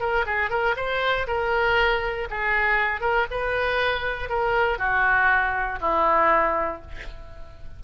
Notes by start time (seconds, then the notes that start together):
0.00 A#4
0.26 G#4
0.50 A#4
0.77 C5
1.27 A#4
2.31 G#4
3.01 A#4
3.31 B4
4.29 A#4
4.78 F#4
5.81 E4